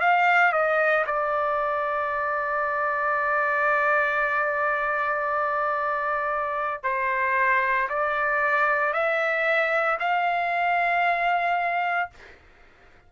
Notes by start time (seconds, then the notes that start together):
0.00 F5
0.53 D#5
1.06 D5
6.83 C5
7.89 D5
8.93 E5
10.00 F5